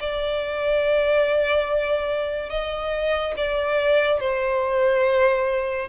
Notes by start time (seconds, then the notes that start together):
0.00 D5
2.50 D#5
3.37 D5
4.20 C5